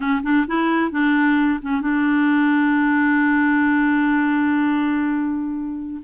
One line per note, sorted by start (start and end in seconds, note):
0.00 0.21 C#4
0.23 0.46 D4
0.47 0.91 E4
0.91 1.59 D4
1.62 1.81 C#4
1.81 6.01 D4